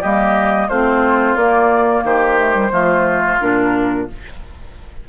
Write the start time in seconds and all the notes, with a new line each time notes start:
0.00 G3 A#3 G4 D#5
0.69 A3 C4 F4 C5
1.35 A#3 D5
2.04 D#3 G4 C5
2.38 A3
2.54 G3
2.72 F3 A3 F4
3.40 A#2 D4 A#4